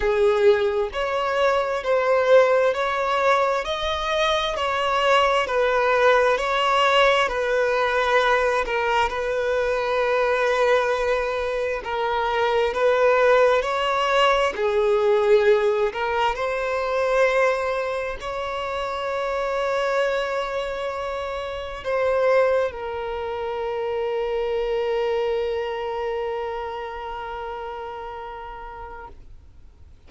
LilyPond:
\new Staff \with { instrumentName = "violin" } { \time 4/4 \tempo 4 = 66 gis'4 cis''4 c''4 cis''4 | dis''4 cis''4 b'4 cis''4 | b'4. ais'8 b'2~ | b'4 ais'4 b'4 cis''4 |
gis'4. ais'8 c''2 | cis''1 | c''4 ais'2.~ | ais'1 | }